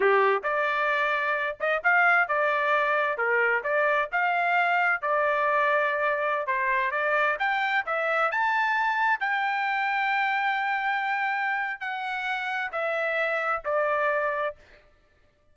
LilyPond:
\new Staff \with { instrumentName = "trumpet" } { \time 4/4 \tempo 4 = 132 g'4 d''2~ d''8 dis''8 | f''4 d''2 ais'4 | d''4 f''2 d''4~ | d''2~ d''16 c''4 d''8.~ |
d''16 g''4 e''4 a''4.~ a''16~ | a''16 g''2.~ g''8.~ | g''2 fis''2 | e''2 d''2 | }